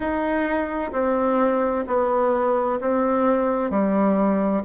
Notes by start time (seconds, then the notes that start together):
0.00 D#4
0.92 C4
1.87 B3
2.80 C4
3.70 G3